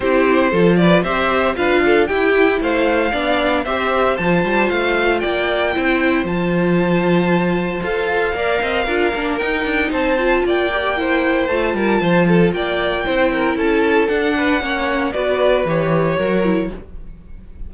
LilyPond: <<
  \new Staff \with { instrumentName = "violin" } { \time 4/4 \tempo 4 = 115 c''4. d''8 e''4 f''4 | g''4 f''2 e''4 | a''4 f''4 g''2 | a''2. f''4~ |
f''2 g''4 a''4 | g''2 a''2 | g''2 a''4 fis''4~ | fis''4 d''4 cis''2 | }
  \new Staff \with { instrumentName = "violin" } { \time 4/4 g'4 a'8 b'8 c''4 b'8 a'8 | g'4 c''4 d''4 c''4~ | c''2 d''4 c''4~ | c''1 |
d''8 dis''8 ais'2 c''4 | d''4 c''4. ais'8 c''8 a'8 | d''4 c''8 ais'8 a'4. b'8 | cis''4 b'2 ais'4 | }
  \new Staff \with { instrumentName = "viola" } { \time 4/4 e'4 f'4 g'4 f'4 | e'2 d'4 g'4 | f'2. e'4 | f'2. a'4 |
ais'4 f'8 d'8 dis'4. f'8~ | f'8 g'8 e'4 f'2~ | f'4 e'2 d'4 | cis'4 fis'4 g'4 fis'8 e'8 | }
  \new Staff \with { instrumentName = "cello" } { \time 4/4 c'4 f4 c'4 d'4 | e'4 a4 b4 c'4 | f8 g8 a4 ais4 c'4 | f2. f'4 |
ais8 c'8 d'8 ais8 dis'8 d'8 c'4 | ais2 a8 g8 f4 | ais4 c'4 cis'4 d'4 | ais4 b4 e4 fis4 | }
>>